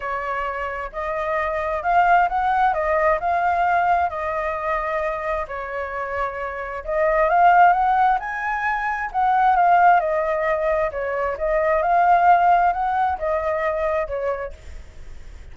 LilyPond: \new Staff \with { instrumentName = "flute" } { \time 4/4 \tempo 4 = 132 cis''2 dis''2 | f''4 fis''4 dis''4 f''4~ | f''4 dis''2. | cis''2. dis''4 |
f''4 fis''4 gis''2 | fis''4 f''4 dis''2 | cis''4 dis''4 f''2 | fis''4 dis''2 cis''4 | }